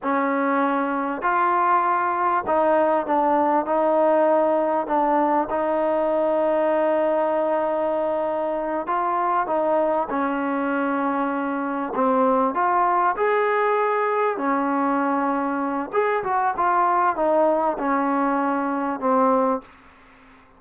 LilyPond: \new Staff \with { instrumentName = "trombone" } { \time 4/4 \tempo 4 = 98 cis'2 f'2 | dis'4 d'4 dis'2 | d'4 dis'2.~ | dis'2~ dis'8 f'4 dis'8~ |
dis'8 cis'2. c'8~ | c'8 f'4 gis'2 cis'8~ | cis'2 gis'8 fis'8 f'4 | dis'4 cis'2 c'4 | }